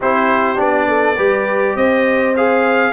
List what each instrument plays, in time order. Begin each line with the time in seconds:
0.00 tuba C4, trombone E4, horn G4, trumpet C5
0.56 tuba B3, trombone D4, trumpet D5
0.88 horn A4
1.15 tuba G3, trombone G4, horn B4
1.75 tuba C4, horn C5, trumpet D#5
2.36 trombone G#4, trumpet F5